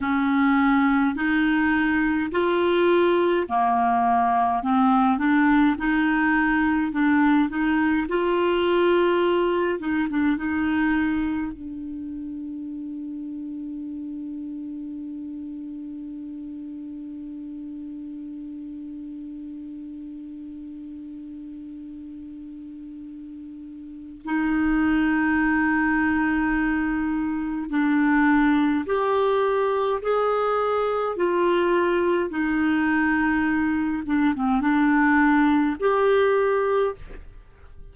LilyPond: \new Staff \with { instrumentName = "clarinet" } { \time 4/4 \tempo 4 = 52 cis'4 dis'4 f'4 ais4 | c'8 d'8 dis'4 d'8 dis'8 f'4~ | f'8 dis'16 d'16 dis'4 d'2~ | d'1~ |
d'1~ | d'4 dis'2. | d'4 g'4 gis'4 f'4 | dis'4. d'16 c'16 d'4 g'4 | }